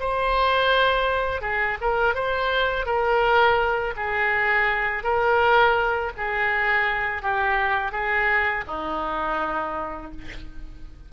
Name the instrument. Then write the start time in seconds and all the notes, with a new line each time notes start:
oboe
0.00 C5
1.42 G#4
1.81 A#4
2.15 C5
2.86 A#4
3.97 G#4
5.04 A#4
6.17 G#4
7.23 G4
7.92 G#4
8.67 D#4